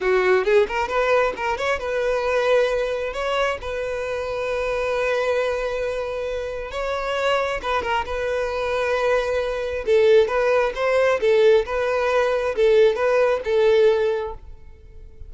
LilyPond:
\new Staff \with { instrumentName = "violin" } { \time 4/4 \tempo 4 = 134 fis'4 gis'8 ais'8 b'4 ais'8 cis''8 | b'2. cis''4 | b'1~ | b'2. cis''4~ |
cis''4 b'8 ais'8 b'2~ | b'2 a'4 b'4 | c''4 a'4 b'2 | a'4 b'4 a'2 | }